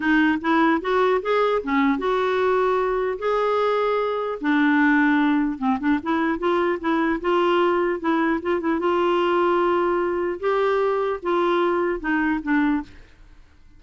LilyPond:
\new Staff \with { instrumentName = "clarinet" } { \time 4/4 \tempo 4 = 150 dis'4 e'4 fis'4 gis'4 | cis'4 fis'2. | gis'2. d'4~ | d'2 c'8 d'8 e'4 |
f'4 e'4 f'2 | e'4 f'8 e'8 f'2~ | f'2 g'2 | f'2 dis'4 d'4 | }